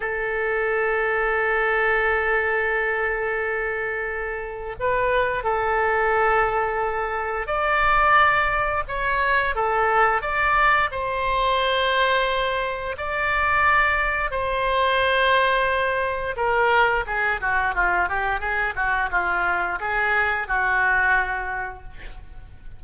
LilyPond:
\new Staff \with { instrumentName = "oboe" } { \time 4/4 \tempo 4 = 88 a'1~ | a'2. b'4 | a'2. d''4~ | d''4 cis''4 a'4 d''4 |
c''2. d''4~ | d''4 c''2. | ais'4 gis'8 fis'8 f'8 g'8 gis'8 fis'8 | f'4 gis'4 fis'2 | }